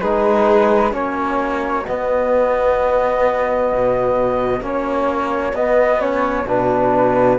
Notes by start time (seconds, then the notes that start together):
0.00 G#3 D#4 G#4 B4
0.91 A#3 C#4 F#4 C#5
1.86 B3 D#5
3.72 B2
4.60 A#3 C#4 C#5
5.53 B3 D#5
5.99 C#4 C#5
6.46 B2 D4 B4